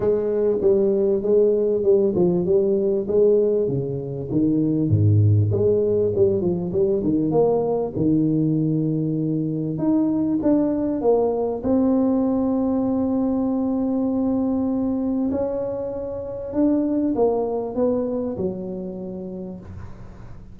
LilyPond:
\new Staff \with { instrumentName = "tuba" } { \time 4/4 \tempo 4 = 98 gis4 g4 gis4 g8 f8 | g4 gis4 cis4 dis4 | gis,4 gis4 g8 f8 g8 dis8 | ais4 dis2. |
dis'4 d'4 ais4 c'4~ | c'1~ | c'4 cis'2 d'4 | ais4 b4 fis2 | }